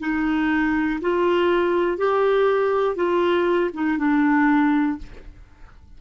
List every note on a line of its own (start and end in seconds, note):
0.00 1.00 D#4
1.01 1.98 F4
1.98 2.96 G4
2.96 3.71 F4
3.74 3.99 D#4
3.99 4.99 D4